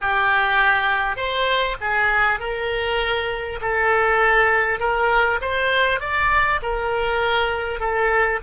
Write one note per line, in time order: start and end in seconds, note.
0.01 1.16 G4
1.16 1.76 C5
1.80 2.39 G#4
2.39 3.59 A#4
3.61 4.79 A4
4.79 5.39 A#4
5.41 6.00 C5
6.00 6.60 D5
6.62 7.79 A#4
7.79 8.39 A4